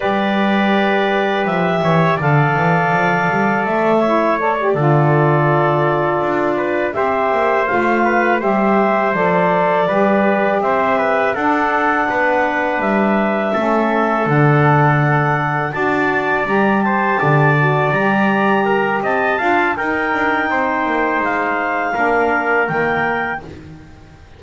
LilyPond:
<<
  \new Staff \with { instrumentName = "clarinet" } { \time 4/4 \tempo 4 = 82 d''2 e''4 f''4~ | f''4 e''4 d''2~ | d''4. e''4 f''4 e''8~ | e''8 d''2 e''4 fis''8~ |
fis''4. e''2 fis''8~ | fis''4. a''4 ais''8 a''4~ | a''8 ais''4. a''4 g''4~ | g''4 f''2 g''4 | }
  \new Staff \with { instrumentName = "trumpet" } { \time 4/4 b'2~ b'8 cis''8 d''4~ | d''4. cis''4 a'4.~ | a'4 b'8 c''4. b'8 c''8~ | c''4. b'4 c''8 b'8 a'8~ |
a'8 b'2 a'4.~ | a'4. d''4. c''8 d''8~ | d''4. ais'8 dis''8 f''8 ais'4 | c''2 ais'2 | }
  \new Staff \with { instrumentName = "saxophone" } { \time 4/4 g'2. a'4~ | a'4. e'8 a'16 g'16 f'4.~ | f'4. g'4 f'4 g'8~ | g'8 a'4 g'2 d'8~ |
d'2~ d'8 cis'4 d'8~ | d'4. fis'4 g'4. | fis'8 g'2 f'8 dis'4~ | dis'2 d'4 ais4 | }
  \new Staff \with { instrumentName = "double bass" } { \time 4/4 g2 f8 e8 d8 e8 | f8 g8 a4. d4.~ | d8 d'4 c'8 ais8 a4 g8~ | g8 f4 g4 c'4 d'8~ |
d'8 b4 g4 a4 d8~ | d4. d'4 g4 d8~ | d8 g4. c'8 d'8 dis'8 d'8 | c'8 ais8 gis4 ais4 dis4 | }
>>